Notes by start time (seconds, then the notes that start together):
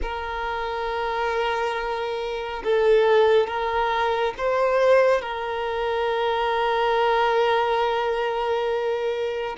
0.02 A#4
2.63 A4
3.47 A#4
4.37 C5
5.21 A#4